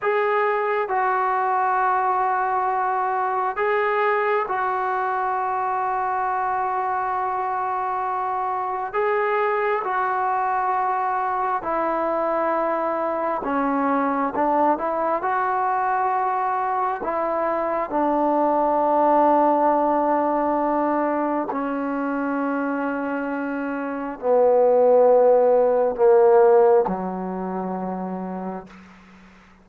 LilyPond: \new Staff \with { instrumentName = "trombone" } { \time 4/4 \tempo 4 = 67 gis'4 fis'2. | gis'4 fis'2.~ | fis'2 gis'4 fis'4~ | fis'4 e'2 cis'4 |
d'8 e'8 fis'2 e'4 | d'1 | cis'2. b4~ | b4 ais4 fis2 | }